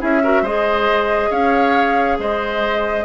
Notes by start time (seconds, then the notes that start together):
0.00 C#4 E4 G#4 E5
0.24 F#4 A#4
0.42 G#3 G#4 C5 D#5
1.31 C#4 C#5 F5
2.19 G#3 C5 D#5